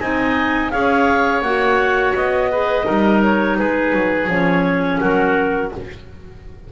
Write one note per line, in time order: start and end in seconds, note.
0.00 0.72 C4
0.00 0.72 D#4
0.00 0.72 D#5
0.00 0.71 G#5
0.71 1.42 C#4
0.71 1.43 G#4
0.71 2.51 C#5
0.71 1.42 F5
1.42 2.13 A#3
1.42 2.51 F#4
1.42 2.14 F#5
2.14 2.85 B3
2.14 3.22 D#5
2.51 2.84 G#4
2.51 2.86 B4
2.84 3.59 G3
2.84 4.27 D#4
2.84 3.57 A#4
3.23 3.58 C#5
3.58 3.93 G#3
3.58 5.00 G#4
3.58 4.29 B4
3.93 4.27 F#3
4.27 4.99 F3
4.27 5.71 C#4
4.27 5.00 C#5
5.00 5.72 F#3
5.00 5.71 F#4
5.00 5.72 A#4